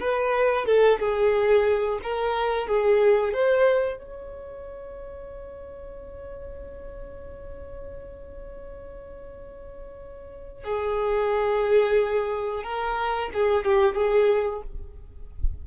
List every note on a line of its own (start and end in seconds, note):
0.00 0.66 B4
0.66 0.99 A4
0.99 1.99 G#4
2.03 2.67 A#4
2.67 3.33 G#4
3.33 3.98 C5
3.98 10.64 C#5
10.64 12.63 G#4
12.63 13.30 A#4
13.33 13.65 G#4
13.65 13.95 G4
13.95 14.62 G#4